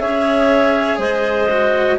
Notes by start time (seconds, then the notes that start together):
0.00 C#4 G#4 C#5 E5
0.99 G#3 C5 D#5
1.50 F#4